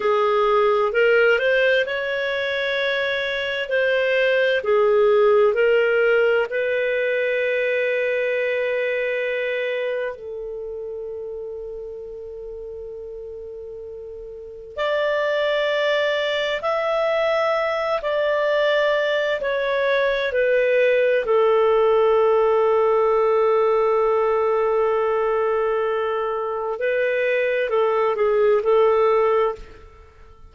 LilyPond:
\new Staff \with { instrumentName = "clarinet" } { \time 4/4 \tempo 4 = 65 gis'4 ais'8 c''8 cis''2 | c''4 gis'4 ais'4 b'4~ | b'2. a'4~ | a'1 |
d''2 e''4. d''8~ | d''4 cis''4 b'4 a'4~ | a'1~ | a'4 b'4 a'8 gis'8 a'4 | }